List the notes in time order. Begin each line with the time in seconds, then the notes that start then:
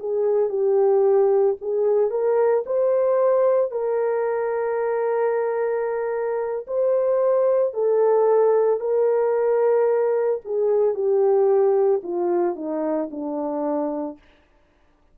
0.00 G#4
0.50 G4
1.61 G#4
2.11 A#4
2.66 C5
3.72 A#4
6.67 C5
7.74 A4
8.81 A#4
10.45 G#4
10.94 G4
12.03 F4
12.56 D#4
13.11 D4